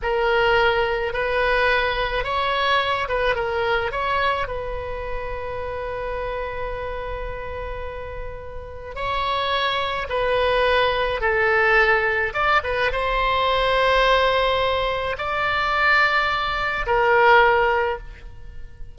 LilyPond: \new Staff \with { instrumentName = "oboe" } { \time 4/4 \tempo 4 = 107 ais'2 b'2 | cis''4. b'8 ais'4 cis''4 | b'1~ | b'1 |
cis''2 b'2 | a'2 d''8 b'8 c''4~ | c''2. d''4~ | d''2 ais'2 | }